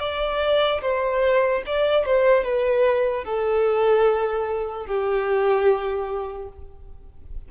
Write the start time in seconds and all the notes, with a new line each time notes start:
0.00 D5
0.81 C5
1.66 D5
2.05 C5
2.44 B4
3.24 A4
4.86 G4